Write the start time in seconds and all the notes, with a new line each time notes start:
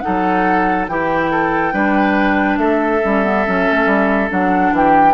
0.00 D#4 A4 F#5
0.07 F#3
0.88 E3 E4 G4 G5
1.31 A4
1.72 G3 D4 B4
2.58 A3 A4 E5
3.03 G3 C#4
3.24 B3
3.46 F#3 C#4
3.71 A3
3.86 G3
4.29 F#3 D4 F#5
4.72 E3 G4 G5